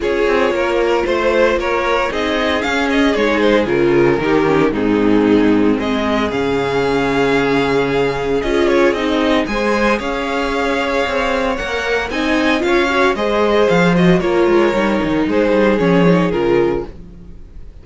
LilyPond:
<<
  \new Staff \with { instrumentName = "violin" } { \time 4/4 \tempo 4 = 114 cis''2 c''4 cis''4 | dis''4 f''8 dis''8 cis''8 c''8 ais'4~ | ais'4 gis'2 dis''4 | f''1 |
dis''8 cis''8 dis''4 gis''4 f''4~ | f''2 fis''4 gis''4 | f''4 dis''4 f''8 dis''8 cis''4~ | cis''4 c''4 cis''4 ais'4 | }
  \new Staff \with { instrumentName = "violin" } { \time 4/4 gis'4 ais'4 c''4 ais'4 | gis'1 | g'4 dis'2 gis'4~ | gis'1~ |
gis'2 c''4 cis''4~ | cis''2. dis''4 | cis''4 c''2 ais'4~ | ais'4 gis'2. | }
  \new Staff \with { instrumentName = "viola" } { \time 4/4 f'1 | dis'4 cis'4 dis'4 f'4 | dis'8 cis'8 c'2. | cis'1 |
f'4 dis'4 gis'2~ | gis'2 ais'4 dis'4 | f'8 fis'8 gis'4. fis'8 f'4 | dis'2 cis'8 dis'8 f'4 | }
  \new Staff \with { instrumentName = "cello" } { \time 4/4 cis'8 c'8 ais4 a4 ais4 | c'4 cis'4 gis4 cis4 | dis4 gis,2 gis4 | cis1 |
cis'4 c'4 gis4 cis'4~ | cis'4 c'4 ais4 c'4 | cis'4 gis4 f4 ais8 gis8 | g8 dis8 gis8 g8 f4 cis4 | }
>>